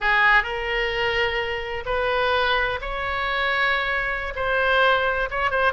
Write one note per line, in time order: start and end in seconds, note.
0.00 0.43 G#4
0.43 1.83 A#4
1.85 2.79 B4
2.81 4.33 C#5
4.35 5.29 C5
5.30 5.50 C#5
5.50 5.73 C5